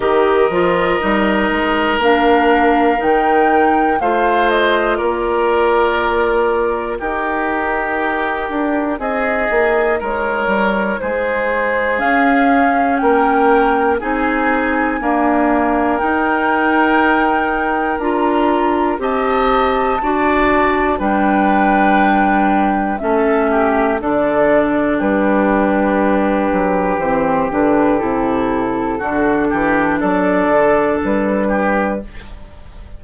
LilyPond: <<
  \new Staff \with { instrumentName = "flute" } { \time 4/4 \tempo 4 = 60 dis''2 f''4 g''4 | f''8 dis''8 d''2 ais'4~ | ais'4 dis''4 cis''4 c''4 | f''4 g''4 gis''2 |
g''2 ais''4 a''4~ | a''4 g''2 e''4 | d''4 b'2 c''8 b'8 | a'2 d''4 b'4 | }
  \new Staff \with { instrumentName = "oboe" } { \time 4/4 ais'1 | c''4 ais'2 g'4~ | g'4 gis'4 ais'4 gis'4~ | gis'4 ais'4 gis'4 ais'4~ |
ais'2. dis''4 | d''4 b'2 a'8 g'8 | a'4 g'2.~ | g'4 fis'8 g'8 a'4. g'8 | }
  \new Staff \with { instrumentName = "clarinet" } { \time 4/4 g'8 f'8 dis'4 d'4 dis'4 | f'2. dis'4~ | dis'1 | cis'2 dis'4 ais4 |
dis'2 f'4 g'4 | fis'4 d'2 cis'4 | d'2. c'8 d'8 | e'4 d'2. | }
  \new Staff \with { instrumentName = "bassoon" } { \time 4/4 dis8 f8 g8 gis8 ais4 dis4 | a4 ais2 dis'4~ | dis'8 d'8 c'8 ais8 gis8 g8 gis4 | cis'4 ais4 c'4 d'4 |
dis'2 d'4 c'4 | d'4 g2 a4 | d4 g4. fis8 e8 d8 | c4 d8 e8 fis8 d8 g4 | }
>>